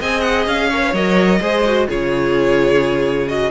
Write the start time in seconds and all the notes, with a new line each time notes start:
0.00 C4 G#4 D#5 G#5
0.21 F#5
0.46 C#4 F5
0.69 A#4 C#5
0.81 B4
0.93 F#3 A#4 D#5
1.41 G#3 G#4 C5
1.66 F#4
1.88 C#3 F4 G#4 C#5
3.28 F#4 D#5